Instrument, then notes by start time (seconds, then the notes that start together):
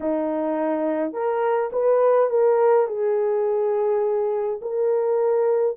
horn
0.00 D#4
1.12 A#4
1.72 B4
2.30 A#4
2.87 G#4
4.61 A#4